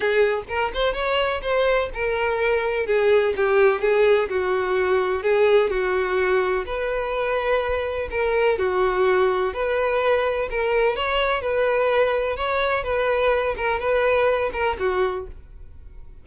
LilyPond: \new Staff \with { instrumentName = "violin" } { \time 4/4 \tempo 4 = 126 gis'4 ais'8 c''8 cis''4 c''4 | ais'2 gis'4 g'4 | gis'4 fis'2 gis'4 | fis'2 b'2~ |
b'4 ais'4 fis'2 | b'2 ais'4 cis''4 | b'2 cis''4 b'4~ | b'8 ais'8 b'4. ais'8 fis'4 | }